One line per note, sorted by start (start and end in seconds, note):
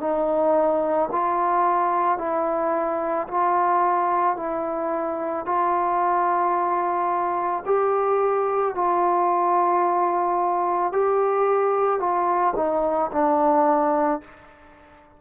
0.00 1.09 D#4
1.12 2.18 F4
2.18 3.27 E4
3.28 4.36 F4
4.36 5.45 E4
5.45 7.64 F4
7.66 8.75 G4
8.75 10.92 F4
10.92 12.00 G4
12.00 12.54 F4
12.56 13.11 D#4
13.12 14.21 D4